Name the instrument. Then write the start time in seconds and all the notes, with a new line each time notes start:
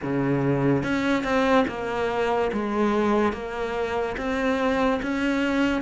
cello
0.02 C#3
0.83 C#4
1.23 C4
1.67 A#3
2.52 G#3
3.33 A#3
4.17 C4
5.02 C#4